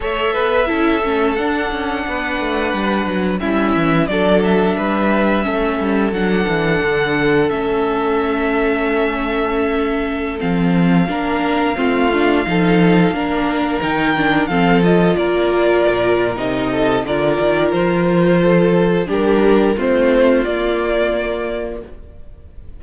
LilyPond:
<<
  \new Staff \with { instrumentName = "violin" } { \time 4/4 \tempo 4 = 88 e''2 fis''2~ | fis''4 e''4 d''8 e''4.~ | e''4 fis''2 e''4~ | e''2.~ e''16 f''8.~ |
f''1~ | f''16 g''4 f''8 dis''8 d''4.~ d''16 | dis''4 d''4 c''2 | ais'4 c''4 d''2 | }
  \new Staff \with { instrumentName = "violin" } { \time 4/4 cis''8 b'8 a'2 b'4~ | b'4 e'4 a'4 b'4 | a'1~ | a'1~ |
a'16 ais'4 f'4 a'4 ais'8.~ | ais'4~ ais'16 a'4 ais'4.~ ais'16~ | ais'8 a'8 ais'2 a'4 | g'4 f'2. | }
  \new Staff \with { instrumentName = "viola" } { \time 4/4 a'4 e'8 cis'8 d'2~ | d'4 cis'4 d'2 | cis'4 d'2 cis'4~ | cis'2.~ cis'16 c'8.~ |
c'16 d'4 c'8 d'8 dis'4 d'8.~ | d'16 dis'8 d'8 c'8 f'2~ f'16 | dis'4 f'2. | d'4 c'4 ais2 | }
  \new Staff \with { instrumentName = "cello" } { \time 4/4 a8 b8 cis'8 a8 d'8 cis'8 b8 a8 | g8 fis8 g8 e8 fis4 g4 | a8 g8 fis8 e8 d4 a4~ | a2.~ a16 f8.~ |
f16 ais4 a4 f4 ais8.~ | ais16 dis4 f4 ais4 ais,8. | c4 d8 dis8 f2 | g4 a4 ais2 | }
>>